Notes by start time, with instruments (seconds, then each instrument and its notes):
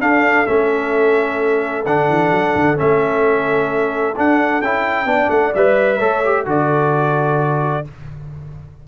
0.00 tuba D4, trombone D4, horn A4, trumpet F5
0.47 tuba A3, trombone C#4, trumpet E5
1.86 tuba D3, trombone D4, trumpet F#5
2.09 tuba E3
2.31 tuba F#3
2.56 tuba D3
2.76 tuba A3, trombone C#4, trumpet E5
4.16 trombone D4, tuba D4, trumpet F#5
4.62 tuba C#4, trombone E4, trumpet G5
5.05 tuba B3, trombone D4, horn D5
5.30 tuba A3, trumpet F#5
5.55 tuba G3, trombone B4, trumpet E5
5.99 tuba A3, trombone A4, horn C#5
6.25 trombone G4
6.46 tuba D3, trombone F#4, horn A4, trumpet D5